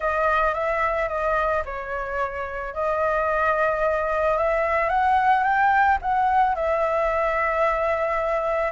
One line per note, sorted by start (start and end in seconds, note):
0.00 0.54 D#5
0.54 1.08 E5
1.08 1.63 D#5
1.65 2.73 C#5
2.73 4.37 D#5
4.37 4.89 E5
4.89 5.43 F#5
5.43 5.98 G5
6.01 6.55 F#5
6.55 8.71 E5